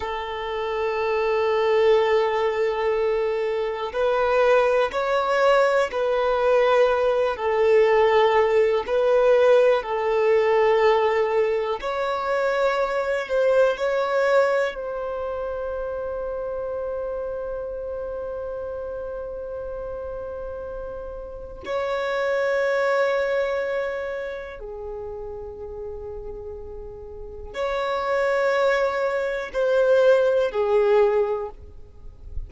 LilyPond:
\new Staff \with { instrumentName = "violin" } { \time 4/4 \tempo 4 = 61 a'1 | b'4 cis''4 b'4. a'8~ | a'4 b'4 a'2 | cis''4. c''8 cis''4 c''4~ |
c''1~ | c''2 cis''2~ | cis''4 gis'2. | cis''2 c''4 gis'4 | }